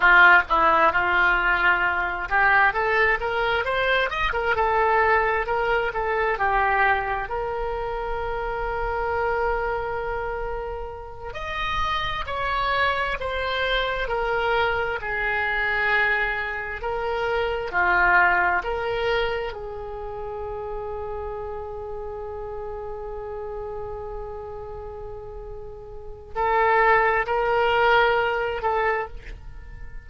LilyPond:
\new Staff \with { instrumentName = "oboe" } { \time 4/4 \tempo 4 = 66 f'8 e'8 f'4. g'8 a'8 ais'8 | c''8 dis''16 ais'16 a'4 ais'8 a'8 g'4 | ais'1~ | ais'8 dis''4 cis''4 c''4 ais'8~ |
ais'8 gis'2 ais'4 f'8~ | f'8 ais'4 gis'2~ gis'8~ | gis'1~ | gis'4 a'4 ais'4. a'8 | }